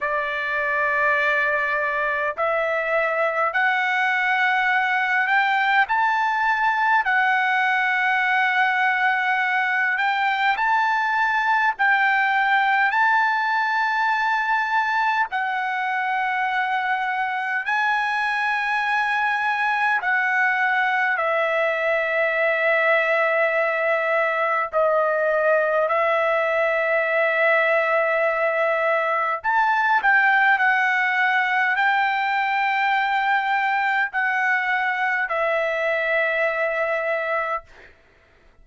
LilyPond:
\new Staff \with { instrumentName = "trumpet" } { \time 4/4 \tempo 4 = 51 d''2 e''4 fis''4~ | fis''8 g''8 a''4 fis''2~ | fis''8 g''8 a''4 g''4 a''4~ | a''4 fis''2 gis''4~ |
gis''4 fis''4 e''2~ | e''4 dis''4 e''2~ | e''4 a''8 g''8 fis''4 g''4~ | g''4 fis''4 e''2 | }